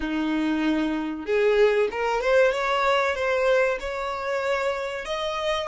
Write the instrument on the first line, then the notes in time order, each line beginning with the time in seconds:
violin
0.00 D#4
1.25 G#4
1.91 A#4
2.21 C5
2.51 C#5
3.15 C5
3.80 C#5
5.05 D#5